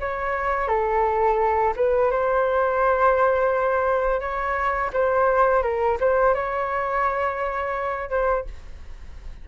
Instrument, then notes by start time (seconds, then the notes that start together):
flute
0.00 C#5
0.68 A4
1.76 B4
2.11 C5
4.20 C#5
4.93 C5
5.62 A#4
6.00 C5
6.34 C#5
8.10 C5